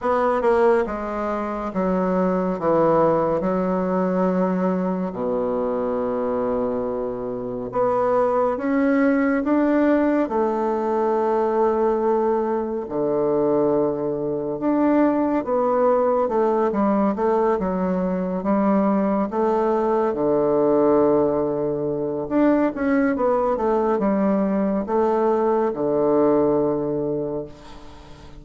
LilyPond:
\new Staff \with { instrumentName = "bassoon" } { \time 4/4 \tempo 4 = 70 b8 ais8 gis4 fis4 e4 | fis2 b,2~ | b,4 b4 cis'4 d'4 | a2. d4~ |
d4 d'4 b4 a8 g8 | a8 fis4 g4 a4 d8~ | d2 d'8 cis'8 b8 a8 | g4 a4 d2 | }